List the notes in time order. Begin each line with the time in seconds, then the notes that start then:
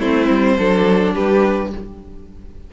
0.00 A3 C4 E4 C5
0.30 G3
0.58 F#3 D4 A4
1.14 G3 G4 B4